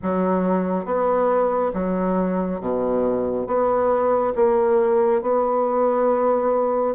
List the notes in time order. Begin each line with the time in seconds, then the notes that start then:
0.02 F#3
0.85 B3
1.73 F#3
2.60 B2
3.46 B3
4.35 A#3
5.21 B3